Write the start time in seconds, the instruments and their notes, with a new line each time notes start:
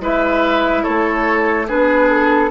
0.00 bassoon G#3, clarinet E4, oboe B4, flute E5
0.83 bassoon A3, oboe A4, flute C#5
1.67 bassoon B3, clarinet D4, oboe G#4, flute B4
2.10 flute A4